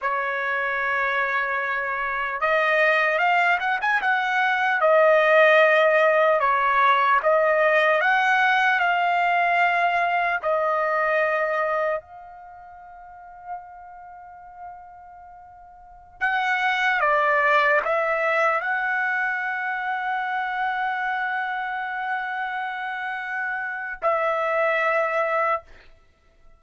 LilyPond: \new Staff \with { instrumentName = "trumpet" } { \time 4/4 \tempo 4 = 75 cis''2. dis''4 | f''8 fis''16 gis''16 fis''4 dis''2 | cis''4 dis''4 fis''4 f''4~ | f''4 dis''2 f''4~ |
f''1~ | f''16 fis''4 d''4 e''4 fis''8.~ | fis''1~ | fis''2 e''2 | }